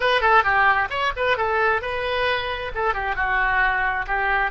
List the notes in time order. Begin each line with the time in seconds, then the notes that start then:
0.00 B4
0.21 A4
0.43 G4
0.89 C#5
1.16 B4
1.37 A4
1.81 B4
2.75 A4
2.93 G4
3.15 F#4
4.06 G4